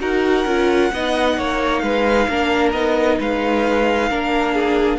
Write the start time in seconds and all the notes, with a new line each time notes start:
0.00 D#4 F#4 A#4 F#5
0.46 C#4 F4
0.93 B3 D#4 D#5
1.38 A#3 C#5
1.79 G#3 B4 F5
2.29 A#3 D4 A#4
2.73 B3 D#4 D#5
3.19 G#3 B4 F5
4.10 A#3 D4 A#4
4.54 G#4